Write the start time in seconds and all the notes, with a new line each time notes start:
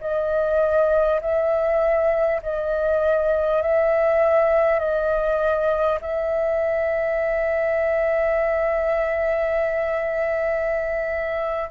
0.00 D#5
1.21 E5
2.42 D#5
3.62 E5
4.79 D#5
6.01 E5